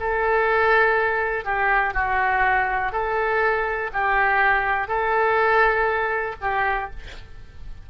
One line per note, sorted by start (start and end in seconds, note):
0.00 1.45 A4
1.45 1.94 G4
1.94 2.92 F#4
2.92 3.91 A4
3.93 4.88 G4
4.88 6.35 A4
6.41 6.90 G4